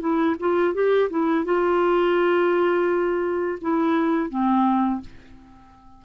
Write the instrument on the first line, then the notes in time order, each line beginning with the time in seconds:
clarinet
0.00 E4
0.40 F4
0.74 G4
1.10 E4
1.45 F4
3.61 E4
4.30 C4